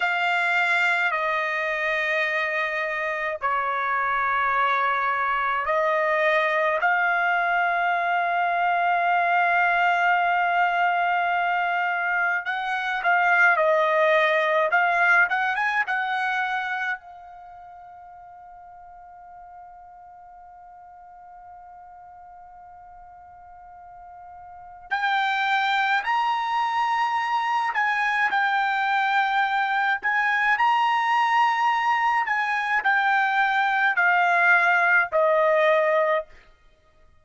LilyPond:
\new Staff \with { instrumentName = "trumpet" } { \time 4/4 \tempo 4 = 53 f''4 dis''2 cis''4~ | cis''4 dis''4 f''2~ | f''2. fis''8 f''8 | dis''4 f''8 fis''16 gis''16 fis''4 f''4~ |
f''1~ | f''2 g''4 ais''4~ | ais''8 gis''8 g''4. gis''8 ais''4~ | ais''8 gis''8 g''4 f''4 dis''4 | }